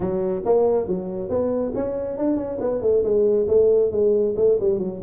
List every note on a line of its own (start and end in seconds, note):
0.00 0.42 F#3
0.45 0.87 A#3
0.87 1.29 F#3
1.29 1.72 B3
1.74 2.17 C#4
2.17 2.36 D4
2.36 2.58 C#4
2.60 2.81 B3
2.81 3.03 A3
3.03 3.47 G#3
3.47 3.91 A3
3.91 4.34 G#3
4.36 4.58 A3
4.60 4.78 G3
4.78 5.00 F#3